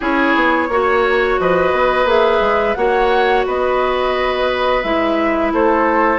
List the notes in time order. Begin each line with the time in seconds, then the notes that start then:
0.00 C#4 E4 G#4 C#5
0.35 B3
0.68 A#3 F#4 C#5
1.40 F3 B4 D#5
1.72 B3
2.04 A#3 G#4 E5
2.40 G#3
2.74 A#3 F#4 C#5 F#5
3.46 B3 B4 D#5
4.82 G#3 E4 E5
5.53 A3 A4 C5